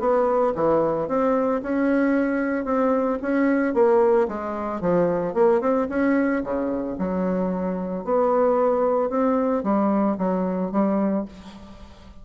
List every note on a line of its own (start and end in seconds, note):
0.00 0.54 B3
0.56 1.08 E3
1.08 1.62 C4
1.63 2.65 C#4
2.65 3.19 C4
3.22 3.74 C#4
3.74 4.28 A#3
4.28 4.81 G#3
4.81 5.34 F3
5.34 5.61 A#3
5.61 5.88 C4
5.89 6.43 C#4
6.44 6.98 C#3
6.99 8.05 F#3
8.05 9.10 B3
9.10 9.64 C4
9.64 10.17 G3
10.18 10.72 F#3
10.72 11.26 G3